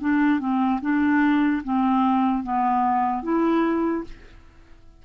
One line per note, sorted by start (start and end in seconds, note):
0.00 0.39 D4
0.39 0.80 C4
0.81 1.62 D4
1.63 2.43 C4
2.43 3.22 B3
3.22 4.04 E4